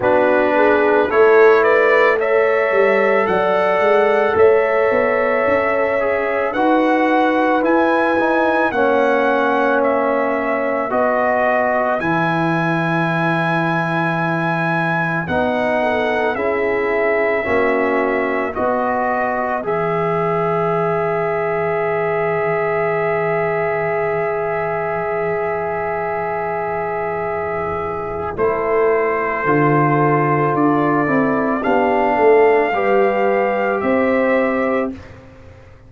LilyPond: <<
  \new Staff \with { instrumentName = "trumpet" } { \time 4/4 \tempo 4 = 55 b'4 cis''8 d''8 e''4 fis''4 | e''2 fis''4 gis''4 | fis''4 e''4 dis''4 gis''4~ | gis''2 fis''4 e''4~ |
e''4 dis''4 e''2~ | e''1~ | e''2 c''2 | d''4 f''2 e''4 | }
  \new Staff \with { instrumentName = "horn" } { \time 4/4 fis'8 gis'8 a'8 b'8 cis''4 d''4 | cis''2 b'2 | cis''2 b'2~ | b'2~ b'8 a'8 gis'4 |
fis'4 b'2.~ | b'1~ | b'2 a'2~ | a'4 g'8 a'8 b'4 c''4 | }
  \new Staff \with { instrumentName = "trombone" } { \time 4/4 d'4 e'4 a'2~ | a'4. gis'8 fis'4 e'8 dis'8 | cis'2 fis'4 e'4~ | e'2 dis'4 e'4 |
cis'4 fis'4 gis'2~ | gis'1~ | gis'2 e'4 f'4~ | f'8 e'8 d'4 g'2 | }
  \new Staff \with { instrumentName = "tuba" } { \time 4/4 b4 a4. g8 fis8 gis8 | a8 b8 cis'4 dis'4 e'4 | ais2 b4 e4~ | e2 b4 cis'4 |
ais4 b4 e2~ | e1~ | e2 a4 d4 | d'8 c'8 b8 a8 g4 c'4 | }
>>